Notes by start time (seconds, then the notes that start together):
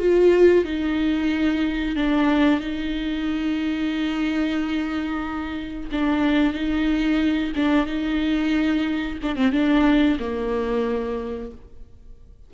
0.00 F4
0.65 D#4
1.96 D4
2.60 D#4
5.92 D4
6.54 D#4
7.56 D4
7.87 D#4
9.23 D4
9.36 C4
9.52 D4
10.20 A#3